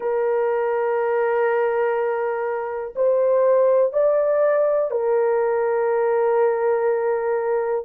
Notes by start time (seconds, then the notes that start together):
0.00 A#4
2.95 C5
3.93 D5
4.90 A#4